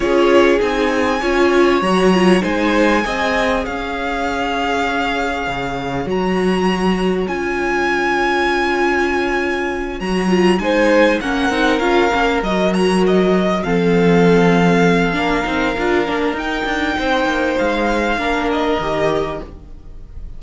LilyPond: <<
  \new Staff \with { instrumentName = "violin" } { \time 4/4 \tempo 4 = 99 cis''4 gis''2 ais''4 | gis''2 f''2~ | f''2 ais''2 | gis''1~ |
gis''8 ais''4 gis''4 fis''4 f''8~ | f''8 dis''8 ais''8 dis''4 f''4.~ | f''2. g''4~ | g''4 f''4. dis''4. | }
  \new Staff \with { instrumentName = "violin" } { \time 4/4 gis'2 cis''2 | c''4 dis''4 cis''2~ | cis''1~ | cis''1~ |
cis''4. c''4 ais'4.~ | ais'2~ ais'8 a'4.~ | a'4 ais'2. | c''2 ais'2 | }
  \new Staff \with { instrumentName = "viola" } { \time 4/4 f'4 dis'4 f'4 fis'8 f'8 | dis'4 gis'2.~ | gis'2 fis'2 | f'1~ |
f'8 fis'8 f'8 dis'4 cis'8 dis'8 f'8 | cis'8 fis'2 c'4.~ | c'4 d'8 dis'8 f'8 d'8 dis'4~ | dis'2 d'4 g'4 | }
  \new Staff \with { instrumentName = "cello" } { \time 4/4 cis'4 c'4 cis'4 fis4 | gis4 c'4 cis'2~ | cis'4 cis4 fis2 | cis'1~ |
cis'8 fis4 gis4 ais8 c'8 cis'8 | ais8 fis2 f4.~ | f4 ais8 c'8 d'8 ais8 dis'8 d'8 | c'8 ais8 gis4 ais4 dis4 | }
>>